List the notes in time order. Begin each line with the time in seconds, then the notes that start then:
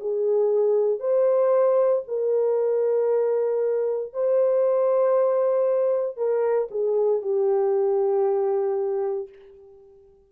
0.00 G#4
0.99 C5
2.07 A#4
4.13 C5
6.16 A#4
6.71 G#4
7.22 G4